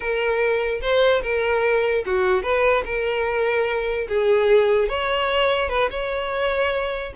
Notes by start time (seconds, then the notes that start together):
0.00 A#4
0.81 C5
1.22 A#4
2.06 F#4
2.42 B4
2.85 A#4
4.08 G#4
4.88 C#5
5.69 B4
5.90 C#5